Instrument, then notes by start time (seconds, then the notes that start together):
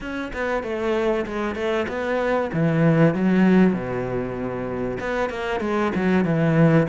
cello
0.00 C#4
0.33 B3
0.63 A3
1.26 G#3
1.55 A3
1.88 B3
2.53 E3
3.14 F#3
3.73 B2
5.00 B3
5.29 A#3
5.60 G#3
5.95 F#3
6.24 E3